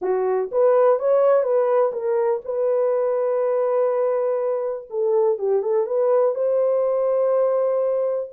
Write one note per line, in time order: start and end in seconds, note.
0.01 0.50 F#4
0.51 0.99 B4
0.99 1.43 C#5
1.43 1.92 B4
1.92 2.41 A#4
2.44 4.88 B4
4.90 5.38 A4
5.38 5.62 G4
5.62 5.86 A4
5.86 6.35 B4
6.35 8.30 C5